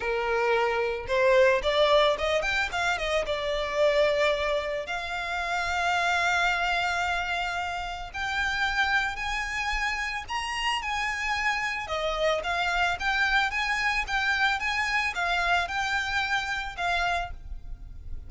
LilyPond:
\new Staff \with { instrumentName = "violin" } { \time 4/4 \tempo 4 = 111 ais'2 c''4 d''4 | dis''8 g''8 f''8 dis''8 d''2~ | d''4 f''2.~ | f''2. g''4~ |
g''4 gis''2 ais''4 | gis''2 dis''4 f''4 | g''4 gis''4 g''4 gis''4 | f''4 g''2 f''4 | }